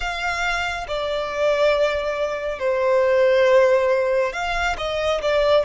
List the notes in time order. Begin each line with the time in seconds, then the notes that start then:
0.00 F5
0.87 D5
2.59 C5
4.32 F5
4.77 D#5
5.21 D5